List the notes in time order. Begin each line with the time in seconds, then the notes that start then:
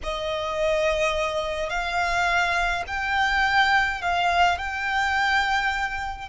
0.03 D#5
1.69 F5
2.87 G5
4.01 F5
4.57 G5